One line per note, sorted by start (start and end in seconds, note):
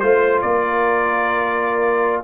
0.00 0.43 A3
0.00 2.24 F4
0.00 0.40 C5
0.00 0.44 C5
0.42 2.25 A#3
0.42 2.25 A#4
0.42 2.23 D5